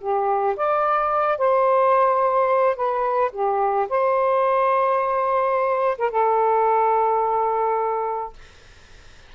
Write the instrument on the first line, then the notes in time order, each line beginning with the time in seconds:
saxophone
0.00 G4
0.56 D5
1.37 C5
2.76 B4
3.32 G4
3.89 C5
5.97 A#4
6.11 A4